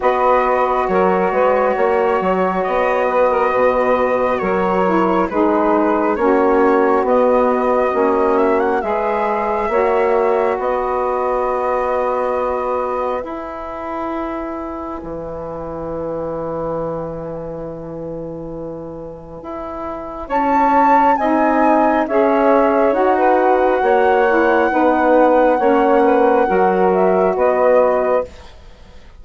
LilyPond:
<<
  \new Staff \with { instrumentName = "flute" } { \time 4/4 \tempo 4 = 68 dis''4 cis''2 dis''4~ | dis''4 cis''4 b'4 cis''4 | dis''4. e''16 fis''16 e''2 | dis''2. gis''4~ |
gis''1~ | gis''2. a''4 | gis''4 e''4 fis''2~ | fis''2~ fis''8 e''8 dis''4 | }
  \new Staff \with { instrumentName = "saxophone" } { \time 4/4 b'4 ais'8 b'8 cis''4. b'16 ais'16 | b'4 ais'4 gis'4 fis'4~ | fis'2 b'4 cis''4 | b'1~ |
b'1~ | b'2. cis''4 | dis''4 cis''4~ cis''16 b'8. cis''4 | b'4 cis''8 b'8 ais'4 b'4 | }
  \new Staff \with { instrumentName = "saxophone" } { \time 4/4 fis'1~ | fis'4. e'8 dis'4 cis'4 | b4 cis'4 gis'4 fis'4~ | fis'2. e'4~ |
e'1~ | e'1 | dis'4 gis'4 fis'4. e'8 | dis'4 cis'4 fis'2 | }
  \new Staff \with { instrumentName = "bassoon" } { \time 4/4 b4 fis8 gis8 ais8 fis8 b4 | b,4 fis4 gis4 ais4 | b4 ais4 gis4 ais4 | b2. e'4~ |
e'4 e2.~ | e2 e'4 cis'4 | c'4 cis'4 dis'4 ais4 | b4 ais4 fis4 b4 | }
>>